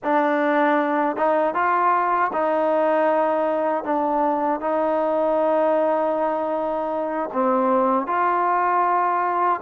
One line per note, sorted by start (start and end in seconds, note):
0.03 1.16 D4
1.16 1.54 D#4
1.54 2.31 F4
2.32 3.84 D#4
3.84 4.60 D4
4.60 7.29 D#4
7.33 8.06 C4
8.06 9.60 F4